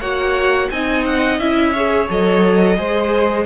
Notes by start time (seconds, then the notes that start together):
0.00 A#3 F#4 C#5 F#5
0.70 C4 D#4 D#5 G#5
1.05 F#5
1.38 C#4 E4 E5
1.72 G#4 C#5
2.09 F#3 A4 D#5
2.77 G#3 G#4 C5